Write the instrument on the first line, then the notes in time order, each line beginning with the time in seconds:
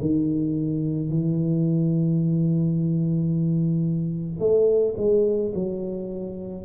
tuba
0.00 D#3
1.09 E3
4.39 A3
4.97 G#3
5.54 F#3